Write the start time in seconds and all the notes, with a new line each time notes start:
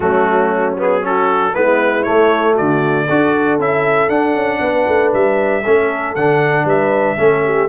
0.00 F#3 A3 C#4 F#4
0.77 B3 G#4
1.01 C#4 F#4 A4
1.54 G#3 B3 E4 B4
2.03 A3 C#5
2.53 D3 F#4 D5
3.05 D4 F#4 A4
3.59 C#4 E4 E5
4.09 D4 F#5
4.34 C#4
4.60 B3 B4
4.87 A3
5.13 G3 E5
5.63 A3 C#4 A4
6.15 D3 D4 F#5
6.64 G3 B4 E5
7.17 A3 C#4 A4
7.44 G4